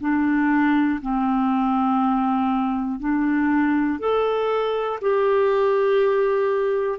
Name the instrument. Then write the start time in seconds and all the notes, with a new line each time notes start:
clarinet
0.00 D4
1.01 C4
3.00 D4
3.99 A4
5.01 G4